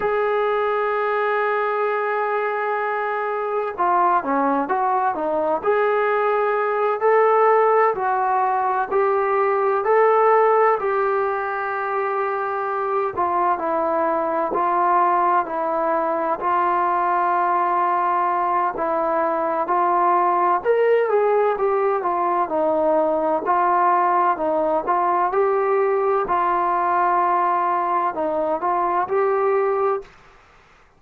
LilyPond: \new Staff \with { instrumentName = "trombone" } { \time 4/4 \tempo 4 = 64 gis'1 | f'8 cis'8 fis'8 dis'8 gis'4. a'8~ | a'8 fis'4 g'4 a'4 g'8~ | g'2 f'8 e'4 f'8~ |
f'8 e'4 f'2~ f'8 | e'4 f'4 ais'8 gis'8 g'8 f'8 | dis'4 f'4 dis'8 f'8 g'4 | f'2 dis'8 f'8 g'4 | }